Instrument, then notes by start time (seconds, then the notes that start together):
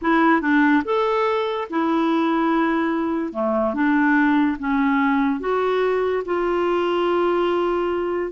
clarinet
0.01 E4
0.41 D4
0.84 A4
1.70 E4
3.32 A3
3.73 D4
4.58 C#4
5.39 F#4
6.25 F4